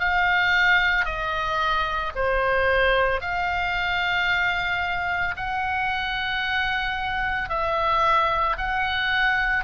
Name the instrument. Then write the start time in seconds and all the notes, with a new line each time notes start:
oboe
0.00 F5
1.05 D#5
2.15 C5
3.21 F5
5.37 F#5
7.50 E5
8.58 F#5